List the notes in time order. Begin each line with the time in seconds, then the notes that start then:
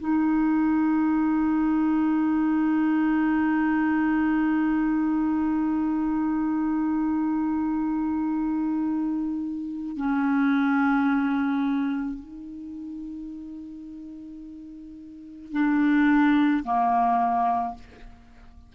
0.00 D#4
9.97 C#4
12.19 D#4
15.53 D4
16.64 A#3